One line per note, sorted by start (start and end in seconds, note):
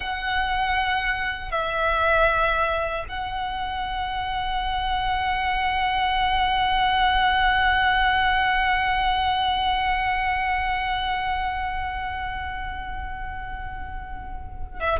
0.00 1.51 F#5
1.51 3.05 E5
3.08 14.80 F#5
14.80 14.99 E5